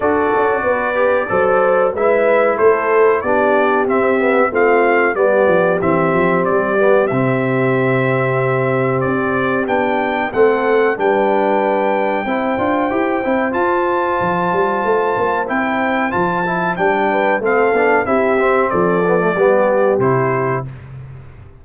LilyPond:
<<
  \new Staff \with { instrumentName = "trumpet" } { \time 4/4 \tempo 4 = 93 d''2. e''4 | c''4 d''4 e''4 f''4 | d''4 e''4 d''4 e''4~ | e''2 d''4 g''4 |
fis''4 g''2.~ | g''4 a''2. | g''4 a''4 g''4 f''4 | e''4 d''2 c''4 | }
  \new Staff \with { instrumentName = "horn" } { \time 4/4 a'4 b'4 c''4 b'4 | a'4 g'2 f'4 | g'1~ | g'1 |
a'4 b'2 c''4~ | c''1~ | c''2~ c''8 b'8 a'4 | g'4 a'4 g'2 | }
  \new Staff \with { instrumentName = "trombone" } { \time 4/4 fis'4. g'8 a'4 e'4~ | e'4 d'4 c'8 b8 c'4 | b4 c'4. b8 c'4~ | c'2. d'4 |
c'4 d'2 e'8 f'8 | g'8 e'8 f'2. | e'4 f'8 e'8 d'4 c'8 d'8 | e'8 c'4 b16 a16 b4 e'4 | }
  \new Staff \with { instrumentName = "tuba" } { \time 4/4 d'8 cis'8 b4 fis4 gis4 | a4 b4 c'4 a4 | g8 f8 e8 f8 g4 c4~ | c2 c'4 b4 |
a4 g2 c'8 d'8 | e'8 c'8 f'4 f8 g8 a8 ais8 | c'4 f4 g4 a8 b8 | c'4 f4 g4 c4 | }
>>